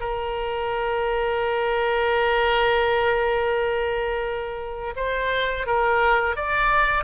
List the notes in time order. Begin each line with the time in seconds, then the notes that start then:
0.00 A#4
4.96 C5
5.67 A#4
6.36 D5